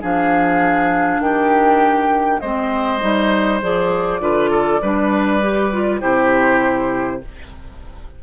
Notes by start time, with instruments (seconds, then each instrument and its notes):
0.00 bassoon F3, clarinet D4, oboe G#4, flute F5
1.19 bassoon D#3, oboe G4, flute G5
2.40 bassoon G#3, clarinet C4, oboe C5, flute D#5
3.00 bassoon G3, clarinet D#4
3.61 bassoon F3, clarinet G#4, flute D5
4.20 bassoon D3, clarinet F4, oboe B4
4.50 oboe A4
4.81 bassoon G3, clarinet D4, oboe B4
5.41 clarinet G4
5.72 clarinet F4
6.00 bassoon C3, clarinet E4, oboe G4, flute C5